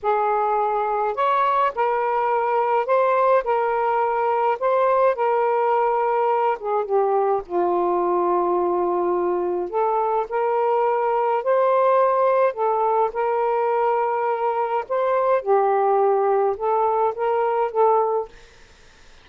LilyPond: \new Staff \with { instrumentName = "saxophone" } { \time 4/4 \tempo 4 = 105 gis'2 cis''4 ais'4~ | ais'4 c''4 ais'2 | c''4 ais'2~ ais'8 gis'8 | g'4 f'2.~ |
f'4 a'4 ais'2 | c''2 a'4 ais'4~ | ais'2 c''4 g'4~ | g'4 a'4 ais'4 a'4 | }